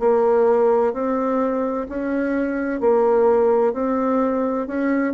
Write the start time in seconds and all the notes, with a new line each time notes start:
0.00 A#3
0.93 C4
1.89 C#4
2.81 A#3
3.74 C4
4.68 C#4